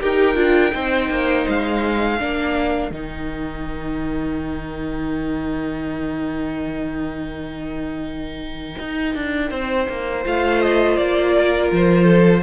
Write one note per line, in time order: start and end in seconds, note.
0.00 0.35 D#4
0.00 0.34 G4
0.00 0.73 A#4
0.00 1.48 G5
0.34 0.71 D4
0.34 0.71 F4
0.71 1.09 C4
0.71 2.17 D#4
0.71 2.19 C5
1.09 1.46 A#3
1.48 2.20 G#3
1.48 2.91 F5
2.18 2.90 A#3
2.18 2.92 D4
2.18 9.50 A#4
2.90 8.75 D#3
2.90 10.24 D#4
2.90 10.23 G5
8.78 9.14 D#4
9.14 9.50 D4
9.50 9.87 C4
9.50 11.33 C5
9.88 10.25 A#3
10.24 10.97 A3
10.24 12.43 F4
10.24 10.61 F5
10.61 10.96 D#5
10.96 11.70 A#3
10.96 11.69 D5
11.38 12.04 A#4
11.71 12.43 F3
11.71 12.43 C5
12.04 12.40 A4